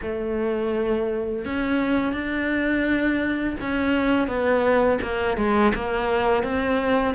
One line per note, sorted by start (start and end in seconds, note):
0.02 1.44 A3
1.45 2.13 C#4
2.13 3.56 D4
3.60 4.27 C#4
4.27 4.98 B3
5.02 5.37 A#3
5.37 5.72 G#3
5.75 6.43 A#3
6.43 7.14 C4